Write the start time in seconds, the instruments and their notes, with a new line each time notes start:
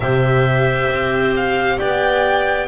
0.00 double bass C3, viola G4, clarinet C5, violin E5
0.89 double bass C4
1.35 violin F5
1.77 double bass B3, clarinet D5, violin G5